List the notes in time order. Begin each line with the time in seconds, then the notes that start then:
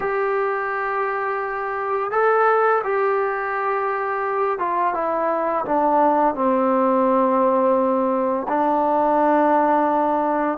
0.00 G4
2.11 A4
2.84 G4
4.59 F4
4.94 E4
5.65 D4
6.35 C4
8.48 D4